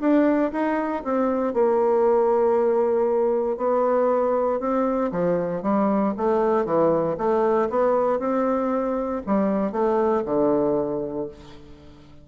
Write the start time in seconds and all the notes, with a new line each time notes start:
0.00 D4
0.52 D#4
1.03 C4
1.53 A#3
3.57 B3
4.60 C4
5.11 F3
5.62 G3
6.17 A3
6.65 E3
7.17 A3
7.69 B3
8.19 C4
9.26 G3
9.72 A3
10.25 D3